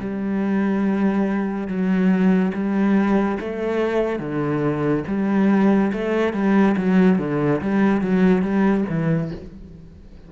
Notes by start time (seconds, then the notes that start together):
0.00 G3
1.67 F#3
2.54 G3
3.40 A3
4.19 D3
5.07 G3
5.93 A3
6.33 G3
6.77 F#3
7.18 D3
7.61 G3
8.01 F#3
8.42 G3
8.89 E3